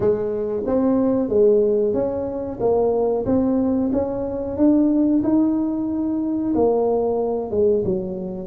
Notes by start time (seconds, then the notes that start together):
0.00 G#3
0.66 C4
1.29 G#3
1.93 C#4
2.60 A#3
3.25 C4
3.92 C#4
4.57 D4
5.24 D#4
6.55 A#3
7.51 G#3
7.84 F#3